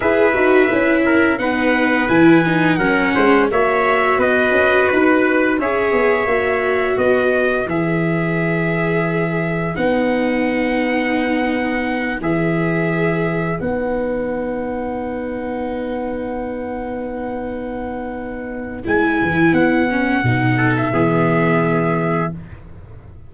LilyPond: <<
  \new Staff \with { instrumentName = "trumpet" } { \time 4/4 \tempo 4 = 86 e''2 fis''4 gis''4 | fis''4 e''4 dis''4 b'4 | e''2 dis''4 e''4~ | e''2 fis''2~ |
fis''4. e''2 fis''8~ | fis''1~ | fis''2. gis''4 | fis''4.~ fis''16 e''2~ e''16 | }
  \new Staff \with { instrumentName = "trumpet" } { \time 4/4 b'4. ais'8 b'2 | ais'8 c''8 cis''4 b'2 | cis''2 b'2~ | b'1~ |
b'1~ | b'1~ | b'1~ | b'4. a'8 gis'2 | }
  \new Staff \with { instrumentName = "viola" } { \time 4/4 gis'8 fis'8 e'4 dis'4 e'8 dis'8 | cis'4 fis'2. | gis'4 fis'2 gis'4~ | gis'2 dis'2~ |
dis'4. gis'2 dis'8~ | dis'1~ | dis'2. e'4~ | e'8 cis'8 dis'4 b2 | }
  \new Staff \with { instrumentName = "tuba" } { \time 4/4 e'8 dis'8 cis'4 b4 e4 | fis8 gis8 ais4 b8 cis'8 dis'4 | cis'8 b8 ais4 b4 e4~ | e2 b2~ |
b4. e2 b8~ | b1~ | b2. gis8 e8 | b4 b,4 e2 | }
>>